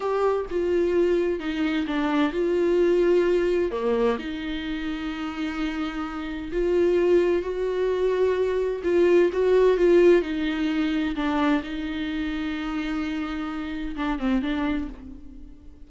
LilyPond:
\new Staff \with { instrumentName = "viola" } { \time 4/4 \tempo 4 = 129 g'4 f'2 dis'4 | d'4 f'2. | ais4 dis'2.~ | dis'2 f'2 |
fis'2. f'4 | fis'4 f'4 dis'2 | d'4 dis'2.~ | dis'2 d'8 c'8 d'4 | }